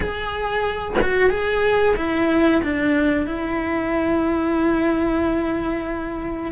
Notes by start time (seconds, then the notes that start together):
0.00 G#4
1.01 F#4
1.30 G#4
1.96 E4
2.63 D4
3.26 E4